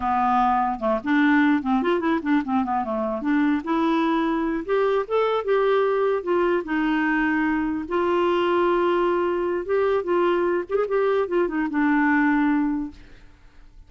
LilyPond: \new Staff \with { instrumentName = "clarinet" } { \time 4/4 \tempo 4 = 149 b2 a8 d'4. | c'8 f'8 e'8 d'8 c'8 b8 a4 | d'4 e'2~ e'8 g'8~ | g'8 a'4 g'2 f'8~ |
f'8 dis'2. f'8~ | f'1 | g'4 f'4. g'16 gis'16 g'4 | f'8 dis'8 d'2. | }